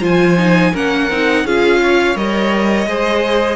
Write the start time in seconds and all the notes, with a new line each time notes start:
0.00 F3 F4 C5 G#5
0.37 D#4
0.73 A#3 C#4 A#4 F#5
1.10 C4 D#4
1.44 C#4 F4 G#4 F5
1.83 C#5
2.15 G3 A#4 D#5
2.86 G#3 G#4 C5